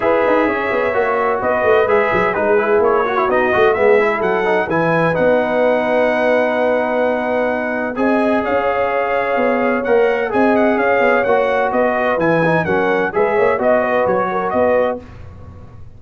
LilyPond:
<<
  \new Staff \with { instrumentName = "trumpet" } { \time 4/4 \tempo 4 = 128 e''2. dis''4 | e''4 b'4 cis''4 dis''4 | e''4 fis''4 gis''4 fis''4~ | fis''1~ |
fis''4 gis''4 f''2~ | f''4 fis''4 gis''8 fis''8 f''4 | fis''4 dis''4 gis''4 fis''4 | e''4 dis''4 cis''4 dis''4 | }
  \new Staff \with { instrumentName = "horn" } { \time 4/4 b'4 cis''2 b'4~ | b'4 gis'4. fis'4. | gis'4 a'4 b'2~ | b'1~ |
b'4 dis''4 cis''2~ | cis''2 dis''4 cis''4~ | cis''4 b'2 ais'4 | b'8 cis''8 dis''8 b'4 ais'8 b'4 | }
  \new Staff \with { instrumentName = "trombone" } { \time 4/4 gis'2 fis'2 | gis'4 dis'8 e'4 fis'16 e'16 dis'8 fis'8 | b8 e'4 dis'8 e'4 dis'4~ | dis'1~ |
dis'4 gis'2.~ | gis'4 ais'4 gis'2 | fis'2 e'8 dis'8 cis'4 | gis'4 fis'2. | }
  \new Staff \with { instrumentName = "tuba" } { \time 4/4 e'8 dis'8 cis'8 b8 ais4 b8 a8 | gis8 fis8 gis4 ais4 b8 a8 | gis4 fis4 e4 b4~ | b1~ |
b4 c'4 cis'2 | b4 ais4 c'4 cis'8 b8 | ais4 b4 e4 fis4 | gis8 ais8 b4 fis4 b4 | }
>>